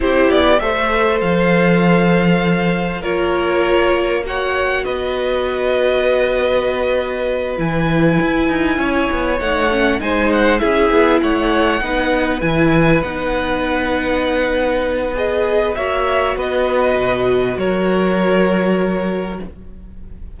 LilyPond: <<
  \new Staff \with { instrumentName = "violin" } { \time 4/4 \tempo 4 = 99 c''8 d''8 e''4 f''2~ | f''4 cis''2 fis''4 | dis''1~ | dis''8 gis''2. fis''8~ |
fis''8 gis''8 fis''8 e''4 fis''4.~ | fis''8 gis''4 fis''2~ fis''8~ | fis''4 dis''4 e''4 dis''4~ | dis''4 cis''2. | }
  \new Staff \with { instrumentName = "violin" } { \time 4/4 g'4 c''2.~ | c''4 ais'2 cis''4 | b'1~ | b'2~ b'8 cis''4.~ |
cis''8 c''4 gis'4 cis''4 b'8~ | b'1~ | b'2 cis''4 b'4~ | b'4 ais'2. | }
  \new Staff \with { instrumentName = "viola" } { \time 4/4 e'4 a'2.~ | a'4 f'2 fis'4~ | fis'1~ | fis'8 e'2. dis'8 |
cis'8 dis'4 e'2 dis'8~ | dis'8 e'4 dis'2~ dis'8~ | dis'4 gis'4 fis'2~ | fis'1 | }
  \new Staff \with { instrumentName = "cello" } { \time 4/4 c'8 b8 a4 f2~ | f4 ais2. | b1~ | b8 e4 e'8 dis'8 cis'8 b8 a8~ |
a8 gis4 cis'8 b8 a4 b8~ | b8 e4 b2~ b8~ | b2 ais4 b4 | b,4 fis2. | }
>>